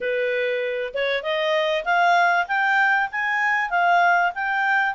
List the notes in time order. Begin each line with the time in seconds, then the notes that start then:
0.00 B4
0.94 C#5
1.22 D#5
1.84 F5
2.47 G5
3.11 G#5
3.70 F5
4.34 G5